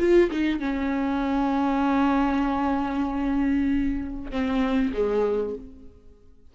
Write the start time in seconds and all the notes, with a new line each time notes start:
0.00 F4
0.31 D#4
0.60 C#4
4.31 C4
4.94 G#3